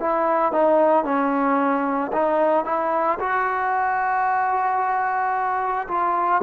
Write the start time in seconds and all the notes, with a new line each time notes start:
0.00 E4
0.53 D#4
1.04 C#4
2.13 D#4
2.65 E4
3.19 F#4
5.88 F4